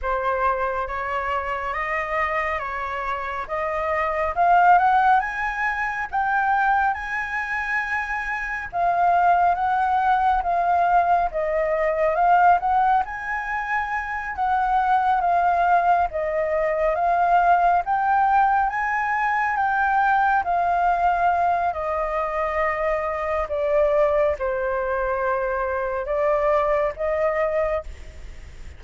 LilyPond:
\new Staff \with { instrumentName = "flute" } { \time 4/4 \tempo 4 = 69 c''4 cis''4 dis''4 cis''4 | dis''4 f''8 fis''8 gis''4 g''4 | gis''2 f''4 fis''4 | f''4 dis''4 f''8 fis''8 gis''4~ |
gis''8 fis''4 f''4 dis''4 f''8~ | f''8 g''4 gis''4 g''4 f''8~ | f''4 dis''2 d''4 | c''2 d''4 dis''4 | }